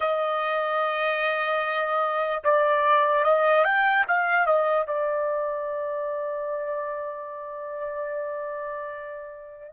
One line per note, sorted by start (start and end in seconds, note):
0.00 2.43 D#5
2.43 3.24 D5
3.24 3.64 D#5
3.64 4.04 G5
4.07 4.46 F5
4.46 4.86 D#5
4.86 9.72 D5